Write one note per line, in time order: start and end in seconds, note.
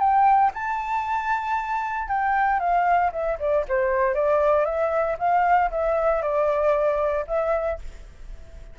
0.00 0.52 G5
0.54 2.08 A5
2.08 2.60 G5
2.60 3.12 F5
3.12 3.38 E5
3.39 3.65 D5
3.69 4.15 C5
4.15 4.66 D5
4.66 5.17 E5
5.19 5.71 F5
5.71 6.22 E5
6.22 7.26 D5
7.27 7.79 E5